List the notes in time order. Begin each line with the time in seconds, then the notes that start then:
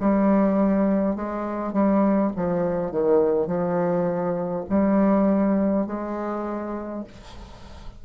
0.00 G3
1.16 G#3
1.73 G3
2.36 F3
2.91 D#3
3.47 F3
4.69 G3
5.87 G#3